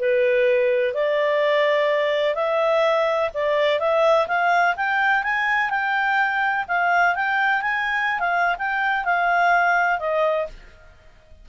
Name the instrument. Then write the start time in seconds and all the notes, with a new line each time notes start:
clarinet
0.00 B4
0.94 D5
2.35 E5
3.34 D5
3.80 E5
4.28 F5
4.77 G5
5.24 G#5
5.70 G5
6.68 F5
7.15 G5
7.62 G#5
8.20 F5
8.58 G5
9.05 F5
9.99 D#5